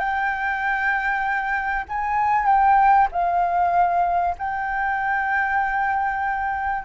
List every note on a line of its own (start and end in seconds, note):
0.00 1.86 G5
1.89 2.46 G#5
2.46 3.08 G5
3.12 4.36 F5
4.39 6.85 G5